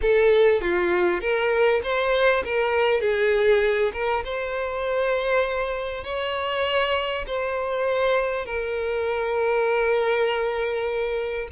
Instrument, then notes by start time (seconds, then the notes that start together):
violin
0.01 A4
0.61 F4
1.20 A#4
1.83 C5
2.44 A#4
3.01 G#4
3.93 A#4
4.24 C5
6.04 C#5
7.26 C5
8.45 A#4